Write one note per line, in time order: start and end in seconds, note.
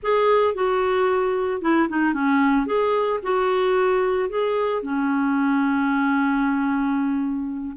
0.02 0.54 G#4
0.54 1.61 F#4
1.61 1.88 E4
1.88 2.13 D#4
2.13 2.66 C#4
2.66 3.20 G#4
3.22 4.29 F#4
4.29 4.82 G#4
4.82 7.77 C#4